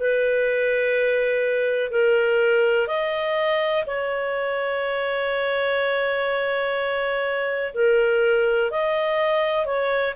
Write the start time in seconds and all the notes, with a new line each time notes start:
0.00 B4
1.91 A#4
2.88 D#5
3.87 C#5
7.74 A#4
8.71 D#5
9.66 C#5